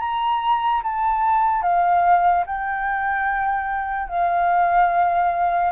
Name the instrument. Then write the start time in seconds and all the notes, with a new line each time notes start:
flute
0.00 A#5
0.84 A5
1.63 F5
2.47 G5
4.09 F5